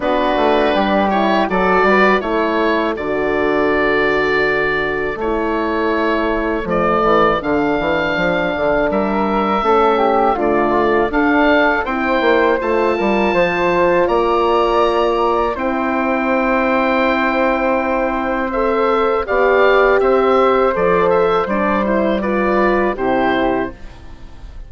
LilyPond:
<<
  \new Staff \with { instrumentName = "oboe" } { \time 4/4 \tempo 4 = 81 b'4. cis''8 d''4 cis''4 | d''2. cis''4~ | cis''4 d''4 f''2 | e''2 d''4 f''4 |
g''4 a''2 ais''4~ | ais''4 g''2.~ | g''4 e''4 f''4 e''4 | d''8 e''8 d''8 c''8 d''4 c''4 | }
  \new Staff \with { instrumentName = "flute" } { \time 4/4 fis'4 g'4 a'8 b'8 a'4~ | a'1~ | a'1 | ais'4 a'8 g'8 f'4 a'4 |
c''4. ais'8 c''4 d''4~ | d''4 c''2.~ | c''2 d''4 c''4~ | c''2 b'4 g'4 | }
  \new Staff \with { instrumentName = "horn" } { \time 4/4 d'4. e'8 fis'4 e'4 | fis'2. e'4~ | e'4 a4 d'2~ | d'4 cis'4 a4 d'4 |
e'4 f'2.~ | f'4 e'2.~ | e'4 a'4 g'2 | a'4 d'8 e'8 f'4 e'4 | }
  \new Staff \with { instrumentName = "bassoon" } { \time 4/4 b8 a8 g4 fis8 g8 a4 | d2. a4~ | a4 f8 e8 d8 e8 f8 d8 | g4 a4 d4 d'4 |
c'8 ais8 a8 g8 f4 ais4~ | ais4 c'2.~ | c'2 b4 c'4 | f4 g2 c4 | }
>>